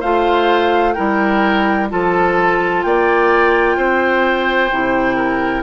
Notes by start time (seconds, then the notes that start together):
0.00 A3 F4 C5 F5
0.93 G3 E4 A#4 G5
1.89 F3 F4 A4 A5
2.82 A#3 D5 G5
3.76 C4 C5
4.71 C3 E4
5.16 A#4